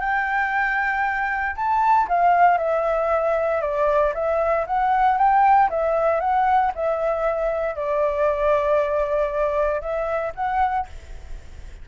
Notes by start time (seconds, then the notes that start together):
0.00 G5
1.55 A5
2.08 F5
2.57 E5
3.61 D5
4.14 E5
4.66 F#5
5.17 G5
5.69 E5
6.20 F#5
6.75 E5
7.75 D5
9.81 E5
10.35 F#5